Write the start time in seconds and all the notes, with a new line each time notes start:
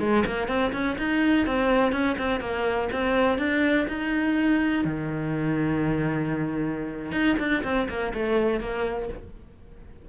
0.00 G#3
0.26 A#3
0.48 C4
0.73 C#4
0.98 D#4
1.46 C4
1.92 C#4
2.18 C4
2.40 A#3
2.93 C4
3.38 D4
3.88 D#4
4.85 D#3
7.12 D#4
7.39 D4
7.64 C4
7.89 A#3
8.14 A3
8.60 A#3